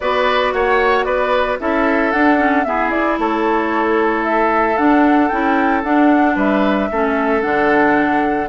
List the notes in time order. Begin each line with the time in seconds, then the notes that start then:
0.00 B3 F#4 B4 D5
0.52 A#3 C#5 F#5
1.04 B3 B4 D5
1.60 C#4 E4 A4 E5
2.11 D4 F#5
2.38 C#4
2.64 B3 E4 G#4 E5
2.90 E4 D5
3.18 A3 A4 C#5
4.24 E5
4.77 D4 F#5
5.28 C#4 E4 G5
5.83 D4 F#5
6.35 G3 B4 E5
6.90 A3 C#4 A4
7.41 D3 D4 F#5